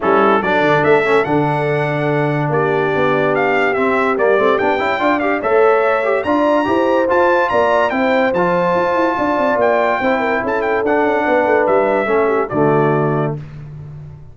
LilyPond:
<<
  \new Staff \with { instrumentName = "trumpet" } { \time 4/4 \tempo 4 = 144 a'4 d''4 e''4 fis''4~ | fis''2 d''2 | f''4 e''4 d''4 g''4~ | g''8 f''8 e''2 ais''4~ |
ais''4 a''4 ais''4 g''4 | a''2. g''4~ | g''4 a''8 g''8 fis''2 | e''2 d''2 | }
  \new Staff \with { instrumentName = "horn" } { \time 4/4 e'4 a'2.~ | a'2 g'2~ | g'1 | d''4 cis''2 d''4 |
c''2 d''4 c''4~ | c''2 d''2 | c''8 ais'8 a'2 b'4~ | b'4 a'8 g'8 fis'2 | }
  \new Staff \with { instrumentName = "trombone" } { \time 4/4 cis'4 d'4. cis'8 d'4~ | d'1~ | d'4 c'4 ais8 c'8 d'8 e'8 | f'8 g'8 a'4. g'8 f'4 |
g'4 f'2 e'4 | f'1 | e'2 d'2~ | d'4 cis'4 a2 | }
  \new Staff \with { instrumentName = "tuba" } { \time 4/4 g4 fis8 d8 a4 d4~ | d2 ais4 b4~ | b4 c'4 g8 a8 b8 cis'8 | d'4 a2 d'4 |
e'4 f'4 ais4 c'4 | f4 f'8 e'8 d'8 c'8 ais4 | c'4 cis'4 d'8 cis'8 b8 a8 | g4 a4 d2 | }
>>